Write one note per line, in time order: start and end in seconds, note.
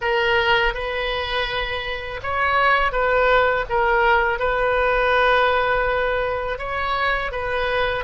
0.01 0.74 A#4
0.74 2.20 B4
2.23 2.91 C#5
2.91 3.65 B4
3.69 4.39 A#4
4.39 6.58 B4
6.58 7.31 C#5
7.31 8.04 B4